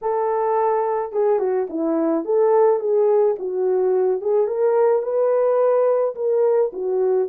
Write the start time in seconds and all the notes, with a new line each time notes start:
0.01 A4
1.12 G#4
1.39 F#4
1.69 E4
2.24 A4
2.79 G#4
3.38 F#4
4.21 G#4
4.47 A#4
5.02 B4
6.15 A#4
6.72 F#4